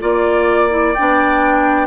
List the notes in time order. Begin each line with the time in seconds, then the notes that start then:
0.00 A#3 F4 D5
0.70 E4
0.94 B3 D4 G5